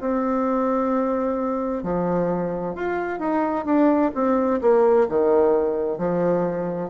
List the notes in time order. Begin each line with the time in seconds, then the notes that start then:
0.00 C4
1.83 F3
2.75 F4
3.19 D#4
3.65 D4
4.14 C4
4.61 A#3
5.09 D#3
5.98 F3